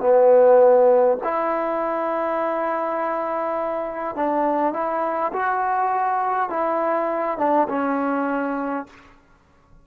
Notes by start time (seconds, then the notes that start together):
0.00 B3
1.24 E4
4.16 D4
4.73 E4
5.33 F#4
6.50 E4
7.38 D4
7.69 C#4